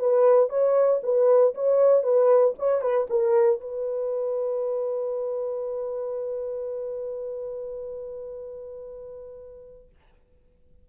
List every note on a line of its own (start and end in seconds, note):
0.00 0.50 B4
0.50 1.01 C#5
1.03 1.55 B4
1.55 2.03 C#5
2.03 2.55 B4
2.59 2.82 C#5
2.82 3.08 B4
3.10 3.61 A#4
3.61 9.90 B4